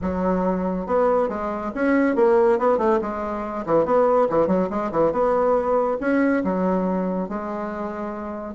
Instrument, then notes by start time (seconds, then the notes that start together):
bassoon
0.01 F#3
0.86 B3
1.28 G#3
1.74 C#4
2.15 A#3
2.58 B3
2.78 A3
3.01 G#3
3.65 E3
3.85 B3
4.29 E3
4.47 F#3
4.69 G#3
4.91 E3
5.12 B3
6.00 C#4
6.44 F#3
7.29 G#3